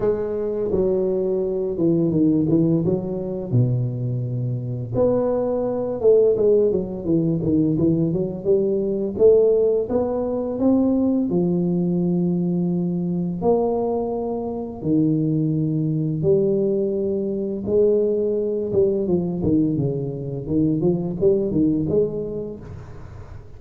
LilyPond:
\new Staff \with { instrumentName = "tuba" } { \time 4/4 \tempo 4 = 85 gis4 fis4. e8 dis8 e8 | fis4 b,2 b4~ | b8 a8 gis8 fis8 e8 dis8 e8 fis8 | g4 a4 b4 c'4 |
f2. ais4~ | ais4 dis2 g4~ | g4 gis4. g8 f8 dis8 | cis4 dis8 f8 g8 dis8 gis4 | }